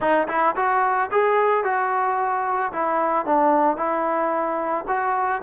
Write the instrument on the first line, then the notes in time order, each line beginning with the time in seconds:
trombone
0.00 D#4
0.28 E4
0.56 F#4
1.11 G#4
1.64 F#4
2.72 E4
3.25 D4
3.76 E4
4.87 F#4